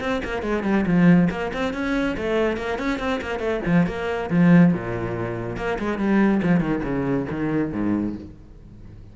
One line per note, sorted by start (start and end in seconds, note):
0.00 0.21 C4
0.24 0.42 A#3
0.42 0.63 G#3
0.63 0.85 G3
0.86 1.29 F3
1.30 1.51 A#3
1.53 1.73 C4
1.73 2.16 C#4
2.17 2.57 A3
2.57 2.78 A#3
2.78 2.99 C#4
2.99 3.20 C4
3.21 3.39 A#3
3.39 3.60 A3
3.66 3.86 F3
3.86 4.29 A#3
4.30 4.73 F3
4.73 5.56 A#2
5.56 5.78 A#3
5.79 5.98 G#3
5.98 6.41 G3
6.42 6.60 F3
6.60 6.81 D#3
6.83 7.26 C#3
7.30 7.72 D#3
7.72 8.15 G#2